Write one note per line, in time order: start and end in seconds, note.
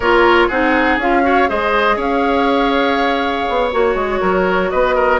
0.00 0.48 A#3
0.00 0.51 F4
0.00 0.47 A#4
0.00 0.48 C#5
0.47 0.98 C4
0.47 1.00 D#4
0.47 1.22 G#4
0.47 0.98 F#5
0.98 1.47 C#4
0.98 1.22 F4
0.98 1.49 F5
1.22 1.47 F#4
1.22 1.49 C#5
1.48 1.96 G#3
1.48 3.71 G#4
1.48 1.96 C5
1.48 1.98 D#5
1.96 3.45 C#4
1.96 4.19 C#5
1.96 3.71 F5
3.49 3.73 B3
3.71 3.95 A#3
3.71 5.20 F#4
3.71 4.70 C#5
3.95 4.19 G#3
4.20 4.71 F#3
4.20 4.70 A#4
4.70 5.20 B3
4.70 4.95 B4
4.70 5.19 D#5
4.95 5.20 A#4